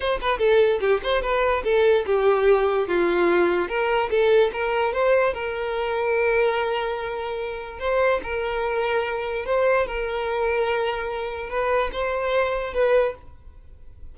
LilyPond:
\new Staff \with { instrumentName = "violin" } { \time 4/4 \tempo 4 = 146 c''8 b'8 a'4 g'8 c''8 b'4 | a'4 g'2 f'4~ | f'4 ais'4 a'4 ais'4 | c''4 ais'2.~ |
ais'2. c''4 | ais'2. c''4 | ais'1 | b'4 c''2 b'4 | }